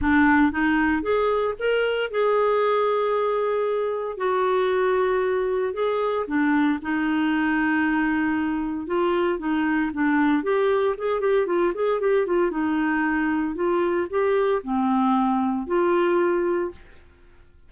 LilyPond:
\new Staff \with { instrumentName = "clarinet" } { \time 4/4 \tempo 4 = 115 d'4 dis'4 gis'4 ais'4 | gis'1 | fis'2. gis'4 | d'4 dis'2.~ |
dis'4 f'4 dis'4 d'4 | g'4 gis'8 g'8 f'8 gis'8 g'8 f'8 | dis'2 f'4 g'4 | c'2 f'2 | }